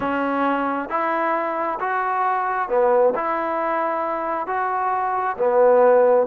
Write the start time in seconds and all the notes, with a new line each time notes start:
0.00 C#4
0.89 E4
1.80 F#4
2.68 B3
3.15 E4
4.46 F#4
5.37 B3